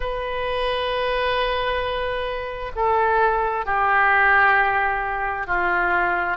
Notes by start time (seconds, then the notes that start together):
0.00 B4
2.75 A4
3.65 G4
5.46 F4